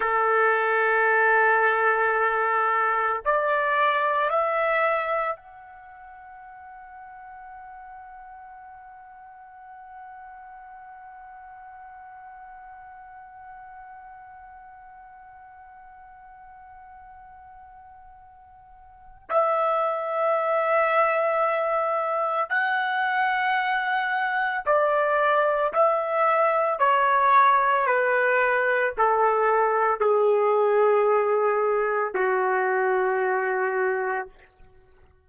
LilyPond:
\new Staff \with { instrumentName = "trumpet" } { \time 4/4 \tempo 4 = 56 a'2. d''4 | e''4 fis''2.~ | fis''1~ | fis''1~ |
fis''2 e''2~ | e''4 fis''2 d''4 | e''4 cis''4 b'4 a'4 | gis'2 fis'2 | }